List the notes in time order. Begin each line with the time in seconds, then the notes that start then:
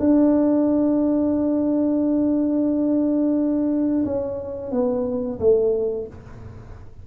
0.00 D4
4.06 C#4
4.72 B3
5.40 A3